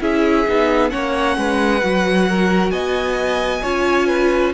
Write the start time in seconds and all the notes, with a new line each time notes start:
0.00 C#4 E4 G#4 E5
0.47 B3 D#4
0.89 A#3 C#4 C#5 F#5
1.37 G#3 B4
1.81 F#3 F#4
2.28 A#4
2.70 B3 D#5 G#5
3.62 C#4 F4 C#5
4.07 B4